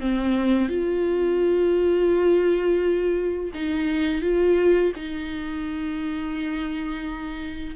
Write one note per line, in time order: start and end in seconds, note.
0.00 0.69 C4
0.69 3.51 F4
3.54 4.22 D#4
4.22 4.93 F4
4.96 7.76 D#4